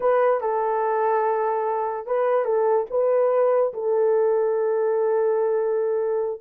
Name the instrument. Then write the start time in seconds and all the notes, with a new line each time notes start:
horn
0.00 B4
0.40 A4
2.06 B4
2.44 A4
2.90 B4
3.73 A4